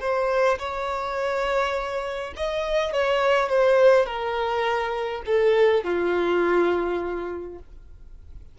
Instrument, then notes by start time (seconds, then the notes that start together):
violin
0.00 C5
0.59 C#5
2.36 D#5
2.93 C#5
3.49 C5
4.06 A#4
5.26 A4
5.84 F4